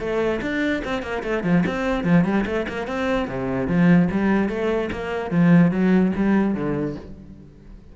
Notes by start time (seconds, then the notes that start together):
0.00 A3
0.42 D4
0.85 C4
1.03 A#3
1.24 A3
1.44 F3
1.67 C4
2.04 F3
2.25 G3
2.47 A3
2.69 A#3
2.88 C4
3.29 C3
3.68 F3
4.12 G3
4.49 A3
4.92 A#3
5.31 F3
5.72 F#3
6.16 G3
6.55 D3